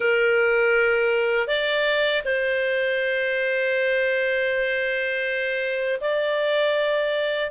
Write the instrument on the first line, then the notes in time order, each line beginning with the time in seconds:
clarinet
0.00 A#4
1.47 D5
2.25 C5
6.00 D5